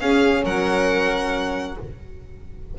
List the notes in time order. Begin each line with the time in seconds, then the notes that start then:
0.00 C#4 G#4 F5
0.44 F#3 A#4 F#5